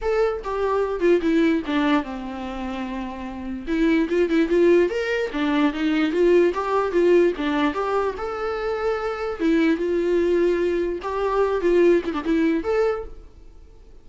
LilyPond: \new Staff \with { instrumentName = "viola" } { \time 4/4 \tempo 4 = 147 a'4 g'4. f'8 e'4 | d'4 c'2.~ | c'4 e'4 f'8 e'8 f'4 | ais'4 d'4 dis'4 f'4 |
g'4 f'4 d'4 g'4 | a'2. e'4 | f'2. g'4~ | g'8 f'4 e'16 d'16 e'4 a'4 | }